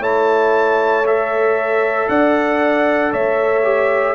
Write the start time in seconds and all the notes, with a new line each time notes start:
0.00 A3 E4 C#5 A5
1.06 A4 E5
2.09 D4 D5 F#5
3.12 A3 C#5 E5
3.63 G4